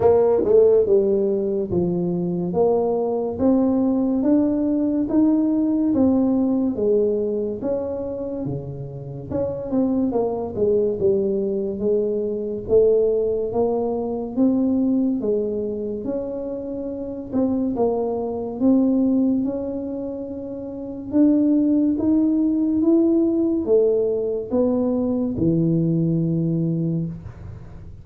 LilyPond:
\new Staff \with { instrumentName = "tuba" } { \time 4/4 \tempo 4 = 71 ais8 a8 g4 f4 ais4 | c'4 d'4 dis'4 c'4 | gis4 cis'4 cis4 cis'8 c'8 | ais8 gis8 g4 gis4 a4 |
ais4 c'4 gis4 cis'4~ | cis'8 c'8 ais4 c'4 cis'4~ | cis'4 d'4 dis'4 e'4 | a4 b4 e2 | }